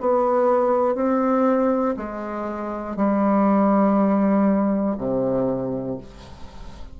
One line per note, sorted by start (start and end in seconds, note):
0.00 0.95 B3
0.95 1.95 C4
1.96 2.96 G#3
2.96 4.96 G3
4.97 5.97 C3